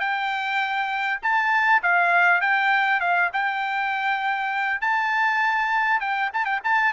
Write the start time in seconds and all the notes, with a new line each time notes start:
0.00 G5
1.23 A5
1.83 F5
2.41 G5
3.00 F5
3.33 G5
4.81 A5
6.01 G5
6.34 A5
6.45 G5
6.64 A5